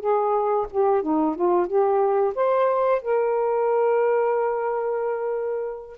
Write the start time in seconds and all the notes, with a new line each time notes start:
0.00 G#4
0.71 G4
1.02 D#4
1.36 F4
1.67 G4
2.35 C5
3.02 A#4